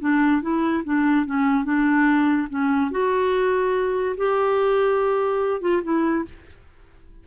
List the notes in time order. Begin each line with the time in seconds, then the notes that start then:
0.00 D4
0.41 E4
0.84 D4
1.25 C#4
1.64 D4
2.49 C#4
2.91 F#4
4.17 G4
5.61 F4
5.83 E4